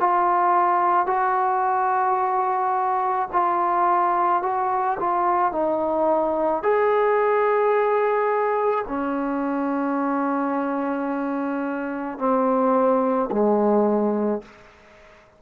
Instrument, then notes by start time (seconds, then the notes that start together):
trombone
0.00 F4
1.07 F#4
3.33 F4
4.43 F#4
5.00 F4
5.53 D#4
6.63 G#4
8.88 C#4
12.19 C4
13.31 G#3